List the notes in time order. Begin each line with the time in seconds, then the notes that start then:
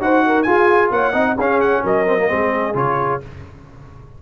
0.00 D#4 F#4 C5 F#5
0.26 A#4
0.42 F4 G#4 G#5
0.91 A#3 C#5 F#5
1.12 C4 D#4 D#5
1.37 C#4 G#4 F5
1.61 F#5
1.83 F#3 A#4 D#5
2.06 C4
2.18 A#3
2.28 G#3 C4 G#4
2.74 C#3 F4 C#5